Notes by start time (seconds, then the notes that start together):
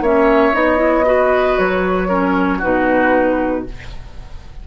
0.00 A#3 C#4 C#5 E5
0.53 B3 D#4 D#5
0.77 E4
1.05 F#4 B4
1.58 F#3 C#5
2.08 C#4 A#4
2.58 B2 D#4 F#4 B4